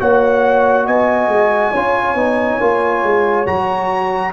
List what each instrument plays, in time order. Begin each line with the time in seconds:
0.00 tuba A#3, trombone F#4, horn C#5, trumpet F#5
0.86 tuba B3, horn D#5, trumpet G#5
1.28 tuba G#3
1.72 tuba C#4, trombone F4, horn C#5
2.15 tuba B3, trombone D#4
2.61 tuba A#3, trombone F4
3.03 tuba G#3
3.47 tuba F#3, trombone F#4, trumpet A#5